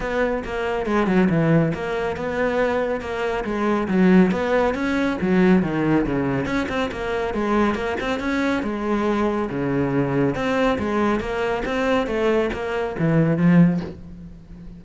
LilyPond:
\new Staff \with { instrumentName = "cello" } { \time 4/4 \tempo 4 = 139 b4 ais4 gis8 fis8 e4 | ais4 b2 ais4 | gis4 fis4 b4 cis'4 | fis4 dis4 cis4 cis'8 c'8 |
ais4 gis4 ais8 c'8 cis'4 | gis2 cis2 | c'4 gis4 ais4 c'4 | a4 ais4 e4 f4 | }